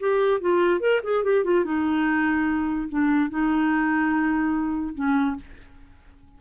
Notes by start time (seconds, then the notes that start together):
0.00 G4
0.41 F4
0.81 A#4
1.04 G#4
1.24 G4
1.45 F4
1.65 D#4
2.89 D4
3.30 D#4
4.95 C#4